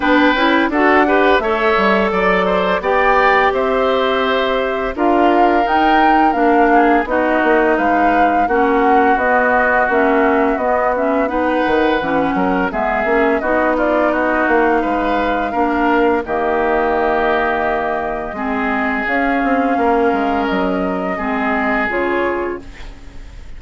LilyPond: <<
  \new Staff \with { instrumentName = "flute" } { \time 4/4 \tempo 4 = 85 g''4 fis''4 e''4 d''4 | g''4 e''2 f''4 | g''4 f''4 dis''4 f''4 | fis''4 dis''4 e''4 dis''8 e''8 |
fis''2 e''4 dis''8 d''8 | dis''8 f''2~ f''8 dis''4~ | dis''2. f''4~ | f''4 dis''2 cis''4 | }
  \new Staff \with { instrumentName = "oboe" } { \time 4/4 b'4 a'8 b'8 cis''4 d''8 c''8 | d''4 c''2 ais'4~ | ais'4. gis'8 fis'4 b'4 | fis'1 |
b'4. ais'8 gis'4 fis'8 f'8 | fis'4 b'4 ais'4 g'4~ | g'2 gis'2 | ais'2 gis'2 | }
  \new Staff \with { instrumentName = "clarinet" } { \time 4/4 d'8 e'8 fis'8 g'8 a'2 | g'2. f'4 | dis'4 d'4 dis'2 | cis'4 b4 cis'4 b8 cis'8 |
dis'4 cis'4 b8 cis'8 dis'4~ | dis'2 d'4 ais4~ | ais2 c'4 cis'4~ | cis'2 c'4 f'4 | }
  \new Staff \with { instrumentName = "bassoon" } { \time 4/4 b8 cis'8 d'4 a8 g8 fis4 | b4 c'2 d'4 | dis'4 ais4 b8 ais8 gis4 | ais4 b4 ais4 b4~ |
b8 dis8 e8 fis8 gis8 ais8 b4~ | b8 ais8 gis4 ais4 dis4~ | dis2 gis4 cis'8 c'8 | ais8 gis8 fis4 gis4 cis4 | }
>>